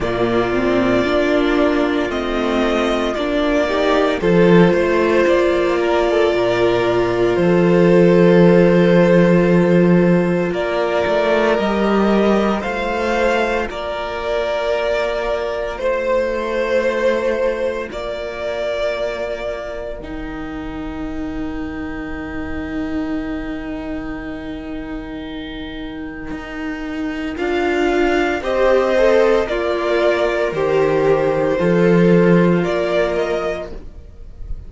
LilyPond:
<<
  \new Staff \with { instrumentName = "violin" } { \time 4/4 \tempo 4 = 57 d''2 dis''4 d''4 | c''4 d''2 c''4~ | c''2 d''4 dis''4 | f''4 d''2 c''4~ |
c''4 d''2 g''4~ | g''1~ | g''2 f''4 dis''4 | d''4 c''2 d''8 dis''8 | }
  \new Staff \with { instrumentName = "violin" } { \time 4/4 f'2.~ f'8 g'8 | a'8 c''4 ais'16 a'16 ais'4 a'4~ | a'2 ais'2 | c''4 ais'2 c''4~ |
c''4 ais'2.~ | ais'1~ | ais'2. c''4 | f'4 g'4 f'2 | }
  \new Staff \with { instrumentName = "viola" } { \time 4/4 ais8 c'8 d'4 c'4 d'8 dis'8 | f'1~ | f'2. g'4 | f'1~ |
f'2. dis'4~ | dis'1~ | dis'2 f'4 g'8 a'8 | ais'2 a'4 ais'4 | }
  \new Staff \with { instrumentName = "cello" } { \time 4/4 ais,4 ais4 a4 ais4 | f8 a8 ais4 ais,4 f4~ | f2 ais8 a8 g4 | a4 ais2 a4~ |
a4 ais2 dis4~ | dis1~ | dis4 dis'4 d'4 c'4 | ais4 dis4 f4 ais4 | }
>>